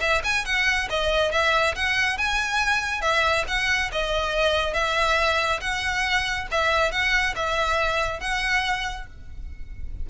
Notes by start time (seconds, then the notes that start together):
0.00 E5
0.24 G#5
0.45 F#5
0.89 D#5
1.31 E5
1.75 F#5
2.17 G#5
3.01 E5
3.47 F#5
3.92 D#5
4.73 E5
5.61 F#5
6.51 E5
6.91 F#5
7.36 E5
8.20 F#5